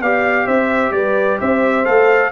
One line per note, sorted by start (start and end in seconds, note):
0.00 0.46 B3
0.00 1.85 G4
0.00 0.46 D5
0.00 0.47 F5
0.46 0.91 C4
0.46 0.92 C5
0.46 0.92 E5
0.91 1.37 G3
0.91 1.39 B4
0.91 1.38 D5
1.39 1.86 C4
1.39 2.31 C5
1.39 1.85 E5
1.85 2.32 A3
1.85 2.31 A4
1.85 2.31 F5